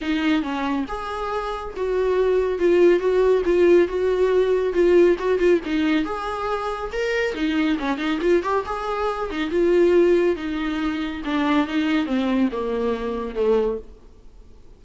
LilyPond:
\new Staff \with { instrumentName = "viola" } { \time 4/4 \tempo 4 = 139 dis'4 cis'4 gis'2 | fis'2 f'4 fis'4 | f'4 fis'2 f'4 | fis'8 f'8 dis'4 gis'2 |
ais'4 dis'4 cis'8 dis'8 f'8 g'8 | gis'4. dis'8 f'2 | dis'2 d'4 dis'4 | c'4 ais2 a4 | }